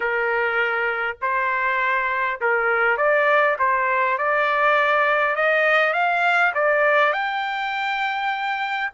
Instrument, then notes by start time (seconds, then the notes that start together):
trumpet
0.00 A#4
1.21 C5
2.40 A#4
2.97 D5
3.58 C5
4.17 D5
5.35 D#5
5.93 F5
6.54 D5
7.12 G5